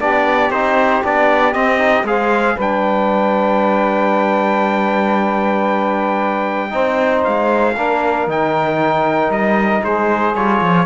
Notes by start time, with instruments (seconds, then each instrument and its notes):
0.00 cello B3, trombone D4, saxophone G4, trumpet D5
0.51 cello C4, trombone D#4, trumpet C5
1.04 cello B3, trombone D4, trumpet D5
1.54 trombone C4, cello C4, trumpet D#5
1.79 trombone D#4
2.04 cello G#3, trombone G#4, saxophone C5, trumpet F5
2.56 cello G3, trombone D4, saxophone B4, trumpet G5
6.71 cello C4, trombone D#4, saxophone C5
7.25 cello G#3, trumpet F5
7.76 cello A#3, trombone D4, saxophone A#4
8.28 cello D#3, trombone D#4, trumpet G5
9.29 cello G3, trumpet D#5
9.83 cello G#3, saxophone G#4, trumpet C5
10.35 cello G3, trombone F4, trumpet C#5
10.61 cello F3